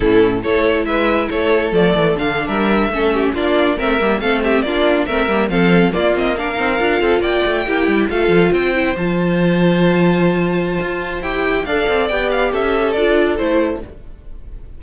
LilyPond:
<<
  \new Staff \with { instrumentName = "violin" } { \time 4/4 \tempo 4 = 139 a'4 cis''4 e''4 cis''4 | d''4 f''8. e''2 d''16~ | d''8. e''4 f''8 e''8 d''4 e''16~ | e''8. f''4 d''8 dis''8 f''4~ f''16~ |
f''8. g''2 f''4 g''16~ | g''8. a''2.~ a''16~ | a''2 g''4 f''4 | g''8 f''8 e''4 d''4 c''4 | }
  \new Staff \with { instrumentName = "violin" } { \time 4/4 e'4 a'4 b'4 a'4~ | a'4.~ a'16 ais'4 a'8 g'8 f'16~ | f'8. ais'4 a'8 g'8 f'4 ais'16~ | ais'8. a'4 f'4 ais'4~ ais'16~ |
ais'16 a'8 d''4 g'4 a'4 c''16~ | c''1~ | c''2. d''4~ | d''4 a'2. | }
  \new Staff \with { instrumentName = "viola" } { \time 4/4 cis'4 e'2. | a4 d'4.~ d'16 cis'4 d'16~ | d'8. c'8 ais8 c'4 d'4 c'16~ | c'16 ais8 c'4 ais8 c'8 d'8 dis'8 f'16~ |
f'4.~ f'16 e'4 f'4~ f'16~ | f'16 e'8 f'2.~ f'16~ | f'2 g'4 a'4 | g'2 f'4 e'4 | }
  \new Staff \with { instrumentName = "cello" } { \time 4/4 a,4 a4 gis4 a4 | f8 e8 d8. g4 a4 ais16~ | ais8. a8 g8 a4 ais4 a16~ | a16 g8 f4 ais4. c'8 d'16~ |
d'16 c'8 ais8 a8 ais8 g8 a8 f8 c'16~ | c'8. f2.~ f16~ | f4 f'4 e'4 d'8 c'8 | b4 cis'4 d'4 a4 | }
>>